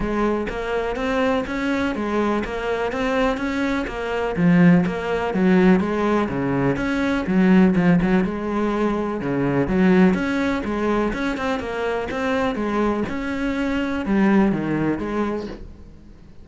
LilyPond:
\new Staff \with { instrumentName = "cello" } { \time 4/4 \tempo 4 = 124 gis4 ais4 c'4 cis'4 | gis4 ais4 c'4 cis'4 | ais4 f4 ais4 fis4 | gis4 cis4 cis'4 fis4 |
f8 fis8 gis2 cis4 | fis4 cis'4 gis4 cis'8 c'8 | ais4 c'4 gis4 cis'4~ | cis'4 g4 dis4 gis4 | }